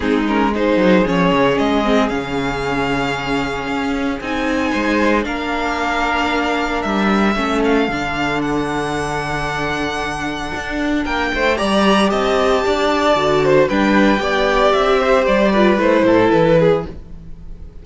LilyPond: <<
  \new Staff \with { instrumentName = "violin" } { \time 4/4 \tempo 4 = 114 gis'8 ais'8 c''4 cis''4 dis''4 | f''1 | gis''2 f''2~ | f''4 e''4. f''4. |
fis''1~ | fis''4 g''4 ais''4 a''4~ | a''2 g''2 | e''4 d''4 c''4 b'4 | }
  \new Staff \with { instrumentName = "violin" } { \time 4/4 dis'4 gis'2.~ | gis'1~ | gis'4 c''4 ais'2~ | ais'2 a'2~ |
a'1~ | a'4 ais'8 c''8 d''4 dis''4 | d''4. c''8 b'4 d''4~ | d''8 c''4 b'4 a'4 gis'8 | }
  \new Staff \with { instrumentName = "viola" } { \time 4/4 c'8 cis'8 dis'4 cis'4. c'8 | cis'1 | dis'2 d'2~ | d'2 cis'4 d'4~ |
d'1~ | d'2 g'2~ | g'4 fis'4 d'4 g'4~ | g'4. f'8 e'2 | }
  \new Staff \with { instrumentName = "cello" } { \time 4/4 gis4. fis8 f8 cis8 gis4 | cis2. cis'4 | c'4 gis4 ais2~ | ais4 g4 a4 d4~ |
d1 | d'4 ais8 a8 g4 c'4 | d'4 d4 g4 b4 | c'4 g4 a8 a,8 e4 | }
>>